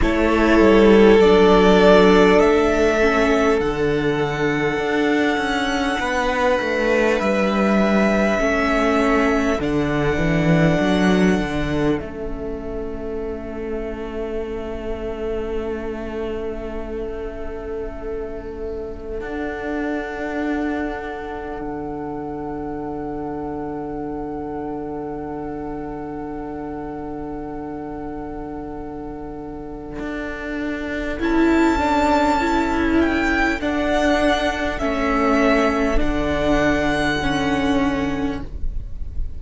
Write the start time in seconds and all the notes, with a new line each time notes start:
0.01 A3 E4 A4 C#5
0.59 G3
1.19 F#3 D4 D5
2.39 A3 E5
3.00 C#4
3.60 D3 D4 F#5
4.77 D4
5.37 C#4
5.99 B3 B4
6.59 A3
7.19 G3 E5
8.38 A3 C#4 A4
9.59 D3 D4 F#5
10.16 E3
10.79 F#3
11.39 D3
11.98 A3 C#4 E5
19.20 D4 F#5
21.60 D3
29.99 D4
31.19 C#4 E4 A5
31.78 D4
32.40 E4
33.00 G5
33.60 D4 F#5
34.78 A3 C#4 E5
35.97 D3 D4 F#5
37.22 C#4